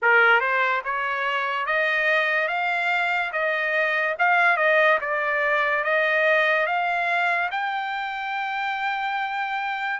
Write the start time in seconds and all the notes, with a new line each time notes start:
0.02 A#4
0.40 C5
0.84 C#5
1.66 D#5
2.48 F5
3.32 D#5
4.19 F5
4.56 D#5
5.00 D5
5.83 D#5
6.66 F5
7.51 G5